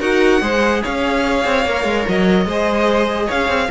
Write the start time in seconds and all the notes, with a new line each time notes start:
0.00 D#4 F#4 A#4 F#5
0.42 G#3 G#4 C5
0.83 C#4 C#5 F5
1.46 C4
1.66 A#3 A#4
1.85 G#3
2.08 F#3 D#5
2.46 G#3 G#4 C5
3.26 C#4 C#5 F5
3.48 C4